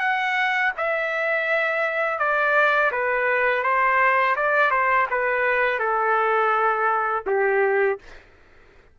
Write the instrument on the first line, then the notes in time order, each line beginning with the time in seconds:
trumpet
0.00 F#5
0.77 E5
2.19 D5
2.92 B4
3.63 C5
4.36 D5
4.71 C5
5.10 B4
5.79 A4
7.27 G4